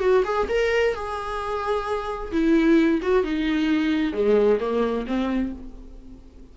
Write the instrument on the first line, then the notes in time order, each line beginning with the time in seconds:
viola
0.00 F#4
0.24 G#4
0.49 A#4
0.94 G#4
2.32 E4
3.02 F#4
3.24 D#4
4.13 G#3
4.60 A#3
5.07 C4